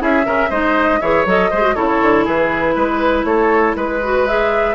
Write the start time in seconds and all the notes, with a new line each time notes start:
0.00 C#4 E4 G#4 E5
0.24 C#3 C#4 A#4
0.50 G#3 D#4 C5 D#5
1.01 E3 G#4 C#5 E5
1.26 F#3 A4 D#5
1.51 G#3 G#4 C5
1.62 F#4
1.75 C#3 E4 A4 C#5
2.02 D3
2.25 E3 G#4 B4
2.76 G#3 B4
3.25 A3 A4 C#5
3.76 G#3 B4
4.03 F#4
4.27 G#4 E5